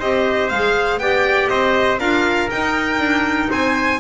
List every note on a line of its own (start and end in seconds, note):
0.00 0.51 C4
0.00 0.51 G4
0.00 1.00 C5
0.00 0.49 D#5
0.49 0.98 G#3
0.49 1.02 G#4
0.49 0.99 F5
0.98 1.48 B3
0.98 2.00 G4
0.98 1.51 D5
0.98 1.49 G5
1.49 1.99 C4
1.49 2.00 C5
1.49 1.99 D#5
1.99 2.49 D4
1.99 2.50 F4
1.99 3.50 A#4
1.99 2.50 F5
2.51 4.00 D#4
2.51 2.99 D#4
2.51 3.51 G5
2.99 3.49 D4
3.51 4.00 C4
3.51 4.00 C5
3.51 4.00 G#5